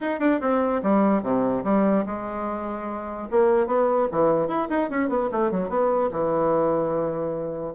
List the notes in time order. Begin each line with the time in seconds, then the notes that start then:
0.00 D#4
0.19 D4
0.40 C4
0.82 G3
1.22 C3
1.64 G3
2.06 G#3
3.30 A#3
3.66 B3
4.11 E3
4.47 E4
4.69 D#4
4.90 C#4
5.09 B3
5.31 A3
5.51 F#3
5.69 B3
6.11 E3